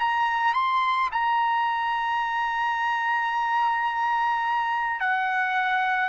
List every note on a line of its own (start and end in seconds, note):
0.00 0.54 A#5
0.54 1.10 C6
1.12 5.01 A#5
5.01 6.09 F#5